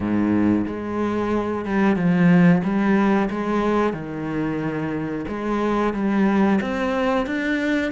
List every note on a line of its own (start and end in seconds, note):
0.00 0.66 G#2
0.66 1.65 G#3
1.65 1.95 G3
1.95 2.61 F3
2.63 3.29 G3
3.30 3.93 G#3
3.93 5.25 D#3
5.27 5.93 G#3
5.93 6.59 G3
6.61 7.26 C4
7.26 7.91 D4